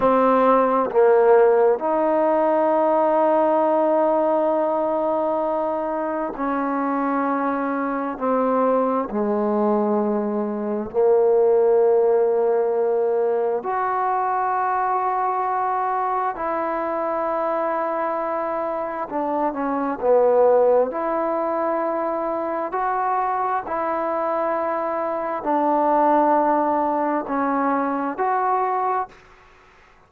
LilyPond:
\new Staff \with { instrumentName = "trombone" } { \time 4/4 \tempo 4 = 66 c'4 ais4 dis'2~ | dis'2. cis'4~ | cis'4 c'4 gis2 | ais2. fis'4~ |
fis'2 e'2~ | e'4 d'8 cis'8 b4 e'4~ | e'4 fis'4 e'2 | d'2 cis'4 fis'4 | }